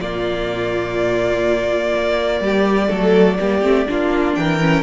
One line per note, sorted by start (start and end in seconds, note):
0.00 1.94 A#2
0.00 2.88 A#3
0.00 2.43 F4
0.00 4.34 D5
1.95 2.40 A#3
2.40 2.89 G3
2.40 2.89 G4
2.88 3.39 F#3
2.88 3.36 A3
2.88 3.38 A4
3.40 3.62 G3
3.40 3.62 A#3
3.40 3.88 G4
3.62 3.86 A3
3.62 3.86 C4
3.87 4.37 A#3
3.87 4.60 D4
3.87 4.38 F4
4.34 4.83 E3
4.34 4.83 A#4
4.34 4.83 G5
4.61 4.83 C#4